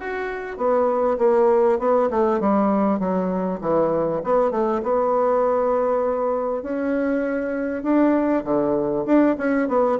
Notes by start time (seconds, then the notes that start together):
0.00 F#4
0.58 B3
1.18 A#3
1.79 B3
2.10 A3
2.40 G3
2.99 F#3
3.61 E3
4.24 B3
4.51 A3
4.83 B3
6.63 C#4
7.83 D4
8.45 D3
9.06 D4
9.38 C#4
9.68 B3